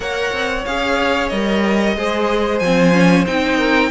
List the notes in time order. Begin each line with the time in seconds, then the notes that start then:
0.00 A#3 A#4 C#5 F#5
0.32 C4
0.65 C#4 G#4 F5
1.29 G3 A#4 D#5
1.96 G#3 G#4 C5
2.59 F3 C4 G#5
2.92 C#4
3.26 C4 D#4 G5
3.57 A#4